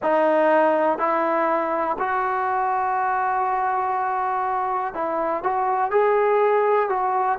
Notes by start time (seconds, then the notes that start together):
0.02 D#4
0.98 E4
1.99 F#4
4.94 E4
5.43 F#4
5.91 G#4
6.89 F#4